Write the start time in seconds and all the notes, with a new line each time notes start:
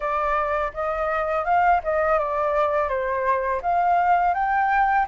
0.00 D5
0.73 D#5
1.45 F5
1.83 D#5
2.19 D5
2.88 C5
3.62 F5
4.33 G5